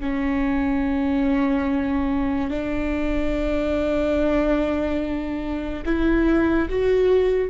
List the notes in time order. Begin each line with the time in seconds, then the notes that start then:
0.00 C#4
2.50 D4
5.86 E4
6.70 F#4